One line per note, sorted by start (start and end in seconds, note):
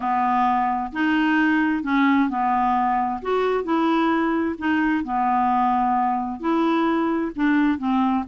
0.00 0.91 B3
0.92 1.83 D#4
1.83 2.29 C#4
2.29 3.21 B3
3.22 3.64 F#4
3.64 4.55 E4
4.58 5.04 D#4
5.04 6.39 B3
6.39 7.31 E4
7.35 7.78 D4
7.78 8.24 C4